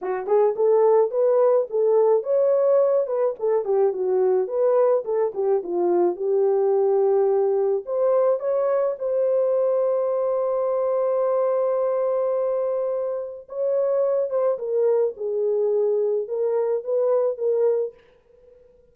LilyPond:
\new Staff \with { instrumentName = "horn" } { \time 4/4 \tempo 4 = 107 fis'8 gis'8 a'4 b'4 a'4 | cis''4. b'8 a'8 g'8 fis'4 | b'4 a'8 g'8 f'4 g'4~ | g'2 c''4 cis''4 |
c''1~ | c''1 | cis''4. c''8 ais'4 gis'4~ | gis'4 ais'4 b'4 ais'4 | }